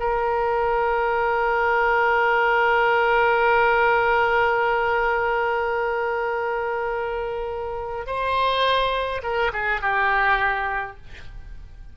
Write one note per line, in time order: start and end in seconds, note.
0.00 8.07 A#4
8.07 9.22 C5
9.23 9.52 A#4
9.53 9.82 G#4
9.82 10.97 G4